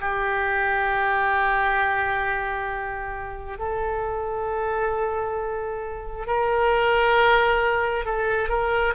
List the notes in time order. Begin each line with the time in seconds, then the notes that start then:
0.00 G4
3.58 A4
6.27 A#4
8.05 A4
8.49 A#4